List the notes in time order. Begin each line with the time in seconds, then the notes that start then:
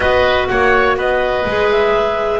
0.00 B3 F#4 B4 D#5
0.47 A#3 C#5 F#5
0.96 B3 B4 D#5
1.45 G#3 G#4
1.71 E5